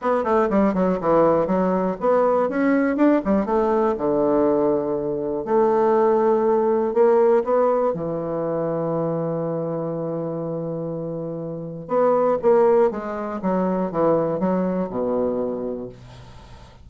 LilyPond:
\new Staff \with { instrumentName = "bassoon" } { \time 4/4 \tempo 4 = 121 b8 a8 g8 fis8 e4 fis4 | b4 cis'4 d'8 g8 a4 | d2. a4~ | a2 ais4 b4 |
e1~ | e1 | b4 ais4 gis4 fis4 | e4 fis4 b,2 | }